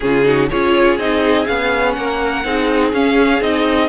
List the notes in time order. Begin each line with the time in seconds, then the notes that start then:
0.00 C#3 C#4 F4 G#4
0.23 D#4 F#4
0.49 C#4 F4 G#4 C#5
0.97 C4 D#4 D#5
1.46 B3 C#4 F5
1.92 A#3 A#4 F#5
2.44 C4 D#4 G#4
2.92 C#4 F5
3.40 C4 D#4 D#5